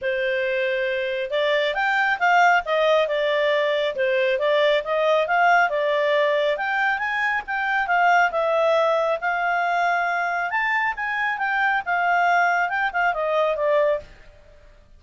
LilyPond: \new Staff \with { instrumentName = "clarinet" } { \time 4/4 \tempo 4 = 137 c''2. d''4 | g''4 f''4 dis''4 d''4~ | d''4 c''4 d''4 dis''4 | f''4 d''2 g''4 |
gis''4 g''4 f''4 e''4~ | e''4 f''2. | a''4 gis''4 g''4 f''4~ | f''4 g''8 f''8 dis''4 d''4 | }